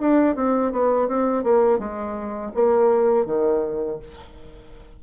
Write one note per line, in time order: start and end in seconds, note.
0.00 0.36 D4
0.36 0.72 C4
0.72 1.08 B3
1.08 1.44 C4
1.44 1.79 A#3
1.79 2.52 G#3
2.55 3.26 A#3
3.26 3.99 D#3